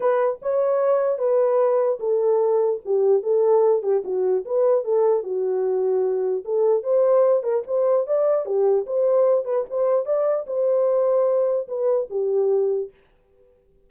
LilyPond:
\new Staff \with { instrumentName = "horn" } { \time 4/4 \tempo 4 = 149 b'4 cis''2 b'4~ | b'4 a'2 g'4 | a'4. g'8 fis'4 b'4 | a'4 fis'2. |
a'4 c''4. ais'8 c''4 | d''4 g'4 c''4. b'8 | c''4 d''4 c''2~ | c''4 b'4 g'2 | }